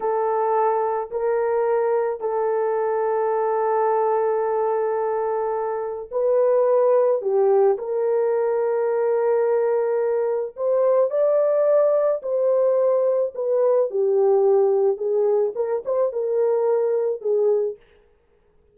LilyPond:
\new Staff \with { instrumentName = "horn" } { \time 4/4 \tempo 4 = 108 a'2 ais'2 | a'1~ | a'2. b'4~ | b'4 g'4 ais'2~ |
ais'2. c''4 | d''2 c''2 | b'4 g'2 gis'4 | ais'8 c''8 ais'2 gis'4 | }